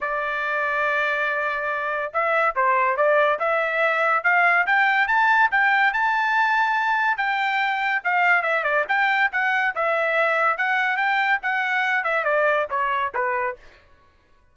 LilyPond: \new Staff \with { instrumentName = "trumpet" } { \time 4/4 \tempo 4 = 142 d''1~ | d''4 e''4 c''4 d''4 | e''2 f''4 g''4 | a''4 g''4 a''2~ |
a''4 g''2 f''4 | e''8 d''8 g''4 fis''4 e''4~ | e''4 fis''4 g''4 fis''4~ | fis''8 e''8 d''4 cis''4 b'4 | }